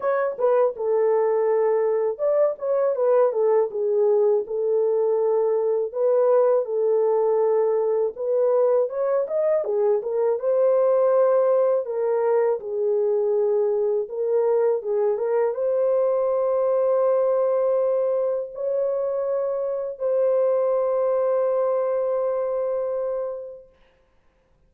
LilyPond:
\new Staff \with { instrumentName = "horn" } { \time 4/4 \tempo 4 = 81 cis''8 b'8 a'2 d''8 cis''8 | b'8 a'8 gis'4 a'2 | b'4 a'2 b'4 | cis''8 dis''8 gis'8 ais'8 c''2 |
ais'4 gis'2 ais'4 | gis'8 ais'8 c''2.~ | c''4 cis''2 c''4~ | c''1 | }